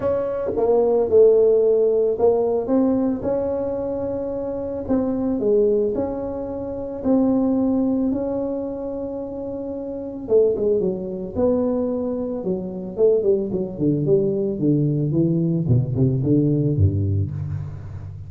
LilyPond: \new Staff \with { instrumentName = "tuba" } { \time 4/4 \tempo 4 = 111 cis'4 ais4 a2 | ais4 c'4 cis'2~ | cis'4 c'4 gis4 cis'4~ | cis'4 c'2 cis'4~ |
cis'2. a8 gis8 | fis4 b2 fis4 | a8 g8 fis8 d8 g4 d4 | e4 b,8 c8 d4 g,4 | }